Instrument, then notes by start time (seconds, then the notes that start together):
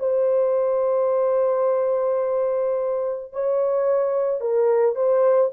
horn
0.00 C5
3.33 C#5
4.41 A#4
4.96 C5